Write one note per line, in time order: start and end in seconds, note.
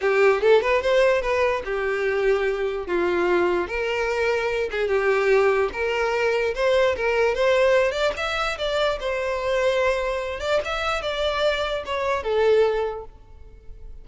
0.01 0.41 G4
0.41 0.61 A4
0.61 0.82 B4
0.82 1.21 C5
1.21 1.62 B4
1.64 2.86 G4
2.86 3.67 F4
3.67 4.69 A#4
4.71 4.88 G#4
4.88 5.69 G4
5.72 6.54 A#4
6.54 6.95 C5
6.96 7.35 A#4
7.35 7.91 C5
7.91 8.12 D5
8.16 8.57 E5
8.58 8.99 D5
8.99 10.40 C5
10.40 10.60 D5
10.64 11.02 E5
11.02 11.83 D5
11.85 12.23 C#5
12.23 13.04 A4